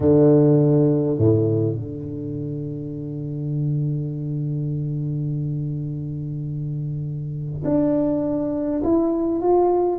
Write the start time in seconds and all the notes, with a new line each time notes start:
0.00 D3
1.18 A2
1.75 D3
7.64 D4
8.83 E4
9.41 F4